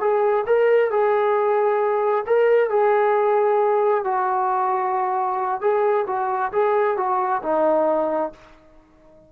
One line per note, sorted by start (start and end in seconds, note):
0.00 0.45 G#4
0.46 0.90 A#4
0.90 2.24 G#4
2.27 2.70 A#4
2.70 4.04 G#4
4.04 5.61 F#4
5.61 6.05 G#4
6.07 6.51 F#4
6.52 6.97 G#4
6.97 7.42 F#4
7.42 8.32 D#4